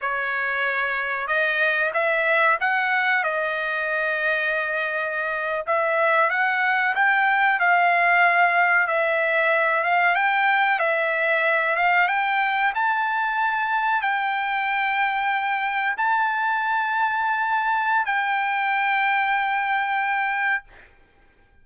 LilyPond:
\new Staff \with { instrumentName = "trumpet" } { \time 4/4 \tempo 4 = 93 cis''2 dis''4 e''4 | fis''4 dis''2.~ | dis''8. e''4 fis''4 g''4 f''16~ | f''4.~ f''16 e''4. f''8 g''16~ |
g''8. e''4. f''8 g''4 a''16~ | a''4.~ a''16 g''2~ g''16~ | g''8. a''2.~ a''16 | g''1 | }